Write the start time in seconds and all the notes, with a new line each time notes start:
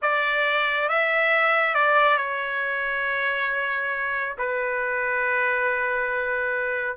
0.02 D5
0.89 E5
1.74 D5
2.17 C#5
4.38 B4